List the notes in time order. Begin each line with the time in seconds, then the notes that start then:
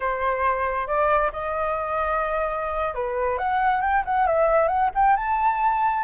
0.00 C5
0.87 D5
1.32 D#5
2.94 B4
3.37 F#5
3.81 G5
4.05 F#5
4.26 E5
4.68 F#5
4.94 G5
5.16 A5